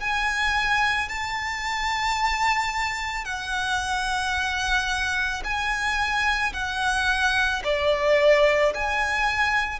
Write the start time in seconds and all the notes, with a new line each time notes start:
0.00 G#5
1.09 A5
3.25 F#5
5.44 G#5
6.53 F#5
7.64 D5
8.74 G#5